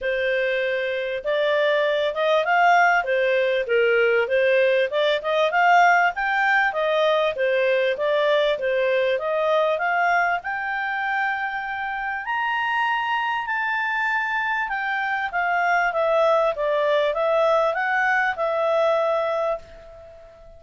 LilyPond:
\new Staff \with { instrumentName = "clarinet" } { \time 4/4 \tempo 4 = 98 c''2 d''4. dis''8 | f''4 c''4 ais'4 c''4 | d''8 dis''8 f''4 g''4 dis''4 | c''4 d''4 c''4 dis''4 |
f''4 g''2. | ais''2 a''2 | g''4 f''4 e''4 d''4 | e''4 fis''4 e''2 | }